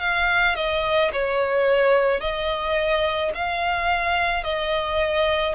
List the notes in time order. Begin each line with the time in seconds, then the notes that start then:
0.00 F5
0.55 D#5
1.13 C#5
2.20 D#5
3.34 F5
4.43 D#5